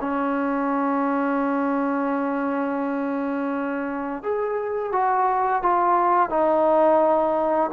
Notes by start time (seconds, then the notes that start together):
0.00 C#4
4.22 G#4
4.92 F#4
5.62 F4
6.29 D#4